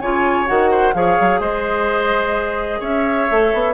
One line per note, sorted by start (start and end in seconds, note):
0.00 0.48 C#3
0.00 0.46 F4
0.00 0.71 C#5
0.00 0.47 G#5
0.46 0.94 D#3
0.46 0.93 F#4
0.46 0.94 F#5
0.71 0.94 C5
0.94 1.18 F3
0.94 3.29 G#4
0.94 1.41 C#5
0.94 1.41 F5
1.20 1.40 F#3
1.40 2.81 G#3
1.40 2.80 C5
1.40 2.82 D#5
2.80 3.29 C#4
2.80 3.74 C#5
2.80 3.74 E5
3.30 3.54 A3
3.30 3.74 A4
3.54 3.74 B3